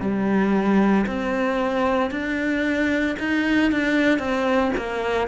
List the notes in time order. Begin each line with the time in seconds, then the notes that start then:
0.00 G3
1.06 C4
2.11 D4
3.19 D#4
3.72 D4
4.19 C4
4.77 A#3